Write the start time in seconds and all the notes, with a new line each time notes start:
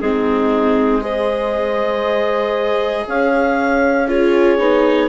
0.00 G#3 C4 D#4 G#4
1.01 G#4 C5 D#5
3.07 C#4 C#5 F5
4.08 F4 G#4 C#5
4.58 B3 D#4